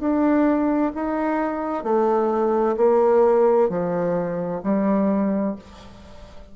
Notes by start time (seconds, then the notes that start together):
0.00 D4
0.95 D#4
1.84 A3
2.77 A#3
3.69 F3
4.63 G3